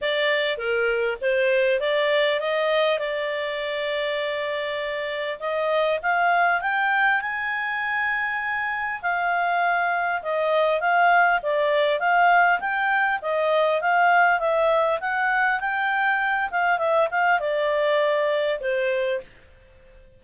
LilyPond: \new Staff \with { instrumentName = "clarinet" } { \time 4/4 \tempo 4 = 100 d''4 ais'4 c''4 d''4 | dis''4 d''2.~ | d''4 dis''4 f''4 g''4 | gis''2. f''4~ |
f''4 dis''4 f''4 d''4 | f''4 g''4 dis''4 f''4 | e''4 fis''4 g''4. f''8 | e''8 f''8 d''2 c''4 | }